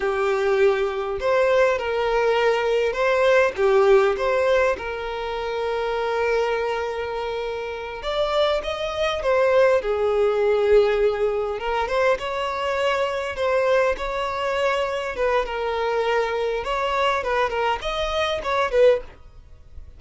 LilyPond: \new Staff \with { instrumentName = "violin" } { \time 4/4 \tempo 4 = 101 g'2 c''4 ais'4~ | ais'4 c''4 g'4 c''4 | ais'1~ | ais'4. d''4 dis''4 c''8~ |
c''8 gis'2. ais'8 | c''8 cis''2 c''4 cis''8~ | cis''4. b'8 ais'2 | cis''4 b'8 ais'8 dis''4 cis''8 b'8 | }